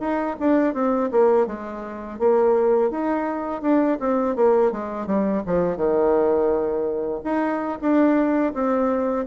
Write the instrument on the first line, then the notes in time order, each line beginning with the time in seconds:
bassoon
0.00 D#4
0.40 D4
0.74 C4
1.12 A#3
1.47 G#3
2.19 A#3
2.91 D#4
3.62 D4
4.00 C4
4.36 A#3
4.72 G#3
5.07 G3
5.46 F3
5.77 D#3
7.25 D#4
7.82 D4
8.54 C4